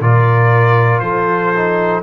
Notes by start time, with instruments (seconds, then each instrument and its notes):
0.00 tuba A#2, trombone F4, horn A#4, trumpet D5
0.99 tuba F3, horn A4, trumpet C5
1.55 trombone D#4